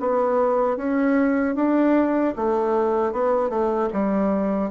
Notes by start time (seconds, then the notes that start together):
0.00 B3
0.77 C#4
1.55 D4
2.36 A3
3.13 B3
3.50 A3
3.93 G3